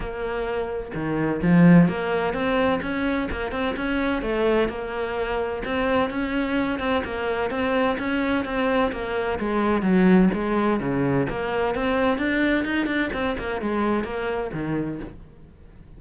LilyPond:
\new Staff \with { instrumentName = "cello" } { \time 4/4 \tempo 4 = 128 ais2 dis4 f4 | ais4 c'4 cis'4 ais8 c'8 | cis'4 a4 ais2 | c'4 cis'4. c'8 ais4 |
c'4 cis'4 c'4 ais4 | gis4 fis4 gis4 cis4 | ais4 c'4 d'4 dis'8 d'8 | c'8 ais8 gis4 ais4 dis4 | }